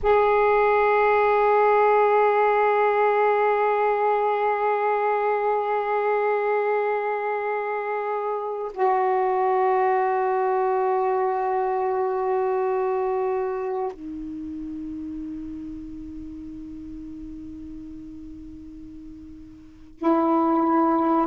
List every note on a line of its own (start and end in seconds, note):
0.02 8.72 G#4
8.73 13.92 F#4
13.92 19.98 D#4
19.98 21.26 E4